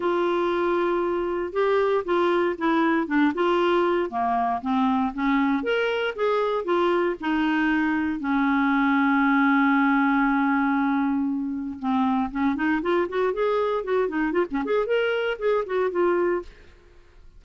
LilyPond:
\new Staff \with { instrumentName = "clarinet" } { \time 4/4 \tempo 4 = 117 f'2. g'4 | f'4 e'4 d'8 f'4. | ais4 c'4 cis'4 ais'4 | gis'4 f'4 dis'2 |
cis'1~ | cis'2. c'4 | cis'8 dis'8 f'8 fis'8 gis'4 fis'8 dis'8 | f'16 cis'16 gis'8 ais'4 gis'8 fis'8 f'4 | }